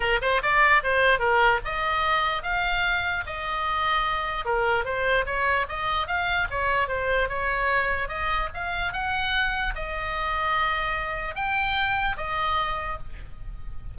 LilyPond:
\new Staff \with { instrumentName = "oboe" } { \time 4/4 \tempo 4 = 148 ais'8 c''8 d''4 c''4 ais'4 | dis''2 f''2 | dis''2. ais'4 | c''4 cis''4 dis''4 f''4 |
cis''4 c''4 cis''2 | dis''4 f''4 fis''2 | dis''1 | g''2 dis''2 | }